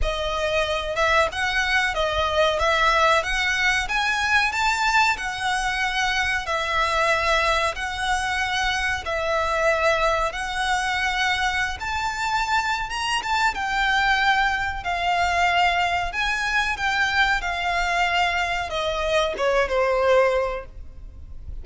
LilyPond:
\new Staff \with { instrumentName = "violin" } { \time 4/4 \tempo 4 = 93 dis''4. e''8 fis''4 dis''4 | e''4 fis''4 gis''4 a''4 | fis''2 e''2 | fis''2 e''2 |
fis''2~ fis''16 a''4.~ a''16 | ais''8 a''8 g''2 f''4~ | f''4 gis''4 g''4 f''4~ | f''4 dis''4 cis''8 c''4. | }